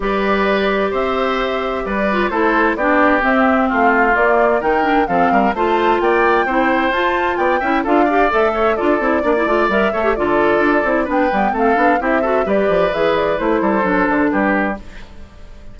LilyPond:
<<
  \new Staff \with { instrumentName = "flute" } { \time 4/4 \tempo 4 = 130 d''2 e''2 | d''4 c''4 d''4 e''4 | f''4 d''4 g''4 f''4 | a''4 g''2 a''4 |
g''4 f''4 e''4 d''4~ | d''4 e''4 d''2 | g''4 f''4 e''4 d''4 | e''8 d''8 c''2 b'4 | }
  \new Staff \with { instrumentName = "oboe" } { \time 4/4 b'2 c''2 | b'4 a'4 g'2 | f'2 ais'4 a'8 ais'8 | c''4 d''4 c''2 |
d''8 e''8 a'8 d''4 cis''8 a'4 | d''4. cis''8 a'2 | b'4 a'4 g'8 a'8 b'4~ | b'4. a'4. g'4 | }
  \new Staff \with { instrumentName = "clarinet" } { \time 4/4 g'1~ | g'8 f'8 e'4 d'4 c'4~ | c'4 ais4 dis'8 d'8 c'4 | f'2 e'4 f'4~ |
f'8 e'8 f'8 g'8 a'4 f'8 e'8 | d'16 e'16 f'8 ais'8 a'16 g'16 f'4. e'8 | d'8 b8 c'8 d'8 e'8 fis'8 g'4 | gis'4 e'4 d'2 | }
  \new Staff \with { instrumentName = "bassoon" } { \time 4/4 g2 c'2 | g4 a4 b4 c'4 | a4 ais4 dis4 f8 g8 | a4 ais4 c'4 f'4 |
b8 cis'8 d'4 a4 d'8 c'8 | ais8 a8 g8 a8 d4 d'8 c'8 | b8 g8 a8 b8 c'4 g8 f8 | e4 a8 g8 fis8 d8 g4 | }
>>